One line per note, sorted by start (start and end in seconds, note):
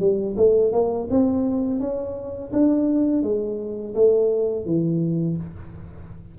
0.00 0.36 G3
0.37 0.72 A3
0.73 1.08 A#3
1.10 1.80 C4
1.80 2.52 C#4
2.53 3.23 D4
3.23 3.94 G#3
3.95 4.66 A3
4.66 5.37 E3